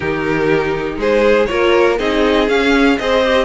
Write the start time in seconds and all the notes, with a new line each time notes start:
0.00 D#3 D#4 G4 A#4
0.96 G#3 G#4 C5
1.46 A#3 F4 A#4 C#5
1.99 C4 D#4 G#4 D#5
2.48 C#4 F5
2.98 C4 G#4 C5 D#5
3.24 G4